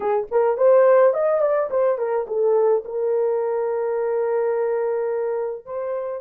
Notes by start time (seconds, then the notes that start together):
0.00 G#4
0.31 A#4
0.57 C5
1.13 D#5
1.41 D5
1.70 C5
1.97 A#4
2.27 A4
2.84 A#4
5.65 C5